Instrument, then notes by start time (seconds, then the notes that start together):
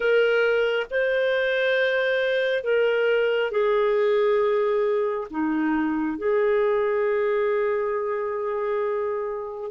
clarinet
0.00 A#4
0.90 C5
2.63 A#4
3.51 G#4
5.30 D#4
6.18 G#4